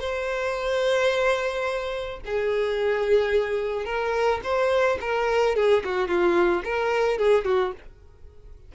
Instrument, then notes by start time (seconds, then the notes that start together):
violin
0.00 C5
2.26 G#4
3.85 A#4
4.44 C5
5.01 A#4
5.56 G#4
5.84 F#4
6.08 F4
6.64 A#4
7.18 G#4
7.45 F#4